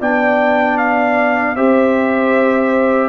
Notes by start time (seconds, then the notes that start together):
0.00 B3 D4 D5 G5
0.78 F5
1.56 C4 G4 C5 E5